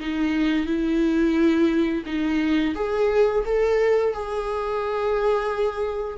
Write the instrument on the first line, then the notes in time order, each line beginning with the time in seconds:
viola
0.00 D#4
0.66 E4
2.06 D#4
2.76 G#4
3.46 A4
4.14 G#4